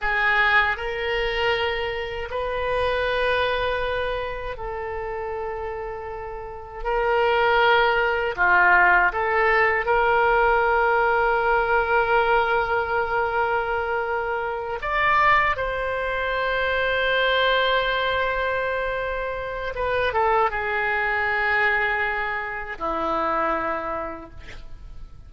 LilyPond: \new Staff \with { instrumentName = "oboe" } { \time 4/4 \tempo 4 = 79 gis'4 ais'2 b'4~ | b'2 a'2~ | a'4 ais'2 f'4 | a'4 ais'2.~ |
ais'2.~ ais'8 d''8~ | d''8 c''2.~ c''8~ | c''2 b'8 a'8 gis'4~ | gis'2 e'2 | }